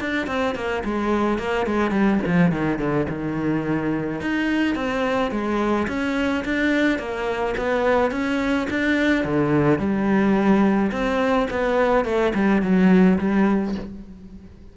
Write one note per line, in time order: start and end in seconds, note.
0.00 0.27 D4
0.27 0.55 C4
0.55 0.83 A#3
0.84 1.38 G#3
1.38 1.66 A#3
1.66 1.90 G#3
1.90 2.18 G3
2.26 2.51 F3
2.51 2.79 D#3
2.79 3.07 D3
3.08 4.21 D#3
4.21 4.75 D#4
4.75 5.31 C4
5.31 5.87 G#3
5.88 6.44 C#4
6.44 6.98 D4
6.98 7.54 A#3
7.57 8.11 B3
8.11 8.67 C#4
8.70 9.24 D4
9.24 9.79 D3
9.79 10.91 G3
10.91 11.47 C4
11.50 12.05 B3
12.05 12.33 A3
12.34 12.62 G3
12.62 13.18 F#3
13.18 13.74 G3